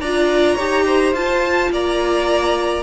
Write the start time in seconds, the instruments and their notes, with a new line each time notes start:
0.00 cello D4, viola F4, violin D5 A#5
0.55 cello D#4, viola G4, violin C#5
0.86 violin C5
1.13 cello F4, viola F4, violin A5
1.70 cello A#3, violin D5 A#5